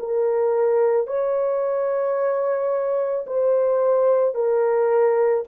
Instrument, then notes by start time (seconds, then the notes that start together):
horn
0.00 A#4
1.07 C#5
3.27 C5
4.35 A#4